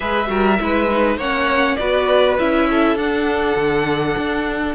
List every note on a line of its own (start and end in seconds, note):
0.00 0.29 G#3
0.00 0.26 G#4
0.00 0.28 B4
0.00 1.16 E5
0.26 0.58 G3
0.26 0.56 F#4
0.26 0.60 A#4
0.58 1.16 G#3
0.58 0.88 E4
0.58 1.17 B4
0.90 1.19 D#4
1.16 1.76 A#3
1.16 1.78 C#4
1.16 1.77 C#5
1.16 1.75 F#5
1.75 2.38 B3
1.75 2.38 F#4
1.75 2.69 B4
1.75 2.35 D5
2.38 2.95 C#4
2.38 2.97 E4
2.38 2.97 E5
2.69 4.75 A4
2.95 3.54 D4
2.95 4.75 D4
2.95 4.75 F#5
3.55 4.15 D3
4.17 4.75 D4